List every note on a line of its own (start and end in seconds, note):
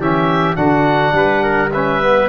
0.00 0.57 E3
0.00 0.55 C#4
0.00 0.56 G4
0.00 0.56 E5
0.55 1.13 D3
0.55 1.70 D4
0.55 1.14 F#4
0.55 1.70 F#5
1.13 2.27 G3
1.13 1.43 B4
1.43 1.72 A#4
1.72 2.02 C#4
1.72 2.29 B4
1.72 2.29 E5
2.02 2.29 B3